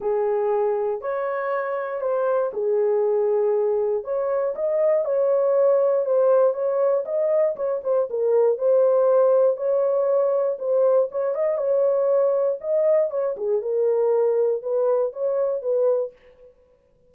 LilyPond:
\new Staff \with { instrumentName = "horn" } { \time 4/4 \tempo 4 = 119 gis'2 cis''2 | c''4 gis'2. | cis''4 dis''4 cis''2 | c''4 cis''4 dis''4 cis''8 c''8 |
ais'4 c''2 cis''4~ | cis''4 c''4 cis''8 dis''8 cis''4~ | cis''4 dis''4 cis''8 gis'8 ais'4~ | ais'4 b'4 cis''4 b'4 | }